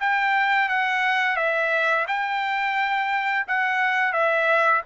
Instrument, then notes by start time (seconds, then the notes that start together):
trumpet
0.00 G5
0.69 F#5
1.36 E5
2.08 G5
3.48 F#5
4.13 E5